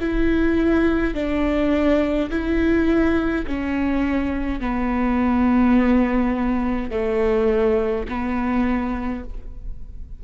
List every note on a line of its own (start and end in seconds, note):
0.00 1.14 E4
1.14 2.30 D4
2.31 3.46 E4
3.47 4.60 C#4
4.60 6.91 B3
6.91 8.07 A3
8.09 9.24 B3